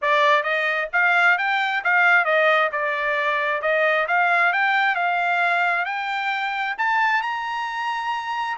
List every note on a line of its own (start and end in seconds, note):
0.01 0.43 D5
0.43 0.88 D#5
0.92 1.38 F5
1.38 1.83 G5
1.84 2.24 F5
2.24 2.69 D#5
2.71 3.61 D5
3.61 4.06 D#5
4.07 4.52 F5
4.52 4.95 G5
4.95 5.85 F5
5.85 6.75 G5
6.78 7.22 A5
7.22 8.57 A#5